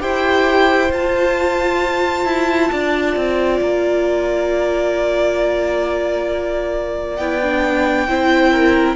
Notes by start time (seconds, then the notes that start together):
0.00 E4 G4 C5 G5
0.91 F4 A5
2.26 E4
2.72 D4 D5
3.16 C4
3.61 A#3 A#5
7.17 B3 E4 G5
7.42 D4
8.08 C4 E4 C5
8.52 A#4